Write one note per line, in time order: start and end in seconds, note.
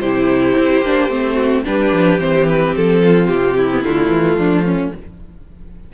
0.00 0.56 C3
0.00 0.85 E4
0.00 1.35 G4
0.00 1.64 C5
0.57 0.82 C4
0.82 1.09 A#3
0.82 1.10 D4
1.09 1.63 A3
1.09 1.64 C4
1.35 1.62 F#4
1.65 1.92 G3
1.65 2.19 D4
1.65 3.02 G4
1.65 2.20 B4
1.92 2.19 F3
2.19 2.74 E3
2.19 3.69 C4
2.19 2.47 C5
2.49 2.76 B4
2.77 3.31 F3
2.77 3.28 A4
3.03 3.58 F4
3.28 3.84 C3
3.28 3.82 G4
3.58 4.38 E4
3.72 3.85 B3
3.84 4.09 D3
3.84 4.94 A3
3.84 4.93 F4
4.09 4.36 E3
4.37 4.92 F3
4.37 4.65 D4
4.65 4.93 C#4